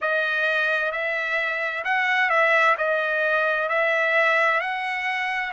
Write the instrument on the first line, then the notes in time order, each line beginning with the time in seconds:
trumpet
0.01 D#5
0.91 E5
1.84 F#5
2.29 E5
2.77 D#5
3.68 E5
4.60 F#5